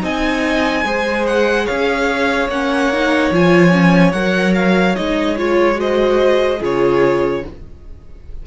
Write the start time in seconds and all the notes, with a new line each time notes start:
0.00 C4 D#4 D#5 G#5
0.84 G#3 G#4 C5
1.26 F#5
1.65 C#4 C#5 F5
2.48 A#3 C#4 F#5
2.92 D#4
3.30 F3 F4 G#5
3.71 C#4
4.12 F#3 A#4 F#5
4.54 F5
4.95 G#3 D#4 D#5
5.37 F4 C#5
5.74 F#4 C5 D#5
6.59 C#3 F4 G#4 C#5